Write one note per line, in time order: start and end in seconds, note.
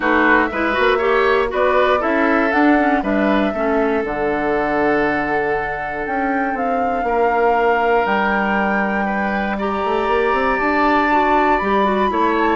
0.00 0.49 A3
0.00 0.48 D#4
0.00 0.49 F#4
0.00 0.46 B4
0.46 0.76 G#3
0.46 0.98 B4
0.46 1.47 E5
0.53 0.73 E4
0.73 1.52 A#3
0.73 0.98 F#4
0.98 1.48 G4
0.98 1.48 C#5
1.48 2.02 B3
1.48 1.98 F#4
1.48 2.00 B4
1.48 2.02 D5
1.99 2.53 C#4
1.99 2.50 E4
1.99 3.01 A4
1.99 2.52 E5
2.52 2.77 D4
2.52 3.02 D4
2.52 3.02 F#5
2.78 3.03 C#4
3.02 3.53 G3
3.02 3.53 D4
3.02 3.53 B4
3.02 4.03 E5
3.53 4.03 A3
3.53 4.05 C#4
3.53 7.05 A4
4.04 6.05 D3
4.04 9.59 D4
4.04 6.06 F#5
6.06 6.53 C#4
6.06 6.57 G5
6.53 7.03 C4
6.53 8.05 F5
7.03 8.04 A#3
7.03 9.05 A#4
8.05 9.82 G3
8.05 9.57 G5
9.05 9.56 B4
9.58 11.10 G4
9.58 12.10 D5
9.58 10.59 A#5
9.84 10.08 A3
10.08 10.33 A#3
10.33 10.58 C4
10.59 11.61 D4
10.59 11.57 A5
11.11 11.61 F#4
11.57 12.10 G3
11.57 11.84 G4
11.57 12.33 B5
11.84 12.09 F#4
12.10 12.56 A3
12.10 12.56 E4
12.10 12.56 C#5
12.38 12.56 A5